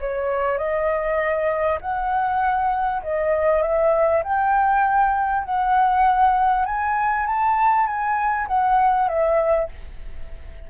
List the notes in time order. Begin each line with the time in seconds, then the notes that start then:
0.00 C#5
0.58 D#5
1.81 F#5
3.02 D#5
3.62 E5
4.23 G5
5.44 F#5
6.65 G#5
7.26 A5
7.86 G#5
8.47 F#5
9.08 E5